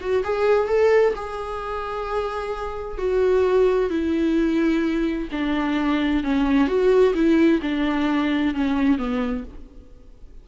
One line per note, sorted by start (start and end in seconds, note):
0.00 0.23 F#4
0.24 0.68 G#4
0.68 1.14 A4
1.15 2.98 G#4
2.98 3.90 F#4
3.90 5.28 E4
5.31 6.23 D4
6.23 6.67 C#4
6.67 7.13 F#4
7.14 7.60 E4
7.62 8.54 D4
8.54 8.98 C#4
8.98 9.44 B3